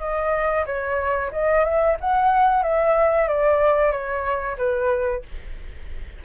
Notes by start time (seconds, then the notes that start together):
0.00 D#5
0.66 C#5
1.32 D#5
1.65 E5
2.00 F#5
2.63 E5
3.28 D5
3.92 C#5
4.58 B4